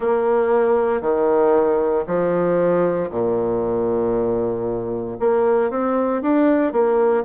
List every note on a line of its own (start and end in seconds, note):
0.00 1.01 A#3
1.01 2.04 D#3
2.06 3.10 F3
3.10 5.17 A#2
5.19 5.70 A#3
5.70 6.22 C4
6.22 6.72 D4
6.72 7.24 A#3